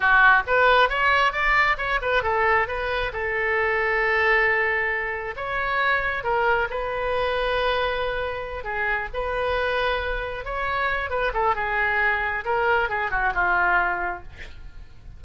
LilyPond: \new Staff \with { instrumentName = "oboe" } { \time 4/4 \tempo 4 = 135 fis'4 b'4 cis''4 d''4 | cis''8 b'8 a'4 b'4 a'4~ | a'1 | cis''2 ais'4 b'4~ |
b'2.~ b'8 gis'8~ | gis'8 b'2. cis''8~ | cis''4 b'8 a'8 gis'2 | ais'4 gis'8 fis'8 f'2 | }